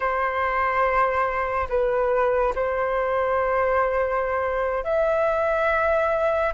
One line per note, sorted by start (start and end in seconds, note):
0.00 1.67 C5
1.69 2.54 B4
2.55 4.84 C5
4.84 6.53 E5